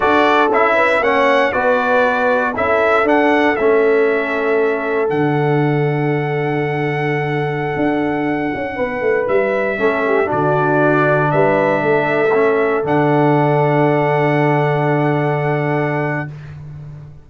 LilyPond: <<
  \new Staff \with { instrumentName = "trumpet" } { \time 4/4 \tempo 4 = 118 d''4 e''4 fis''4 d''4~ | d''4 e''4 fis''4 e''4~ | e''2 fis''2~ | fis''1~ |
fis''2~ fis''16 e''4.~ e''16~ | e''16 d''2 e''4.~ e''16~ | e''4~ e''16 fis''2~ fis''8.~ | fis''1 | }
  \new Staff \with { instrumentName = "horn" } { \time 4/4 a'4. b'8 cis''4 b'4~ | b'4 a'2.~ | a'1~ | a'1~ |
a'4~ a'16 b'2 a'8 g'16~ | g'16 fis'2 b'4 a'8.~ | a'1~ | a'1 | }
  \new Staff \with { instrumentName = "trombone" } { \time 4/4 fis'4 e'4 cis'4 fis'4~ | fis'4 e'4 d'4 cis'4~ | cis'2 d'2~ | d'1~ |
d'2.~ d'16 cis'8.~ | cis'16 d'2.~ d'8.~ | d'16 cis'4 d'2~ d'8.~ | d'1 | }
  \new Staff \with { instrumentName = "tuba" } { \time 4/4 d'4 cis'4 ais4 b4~ | b4 cis'4 d'4 a4~ | a2 d2~ | d2.~ d16 d'8.~ |
d'8. cis'8 b8 a8 g4 a8.~ | a16 d2 g4 a8.~ | a4~ a16 d2~ d8.~ | d1 | }
>>